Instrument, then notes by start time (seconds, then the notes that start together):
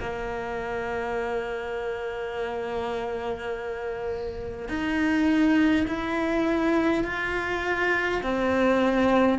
cello
0.00 A#3
4.68 D#4
5.87 E4
7.04 F4
8.22 C4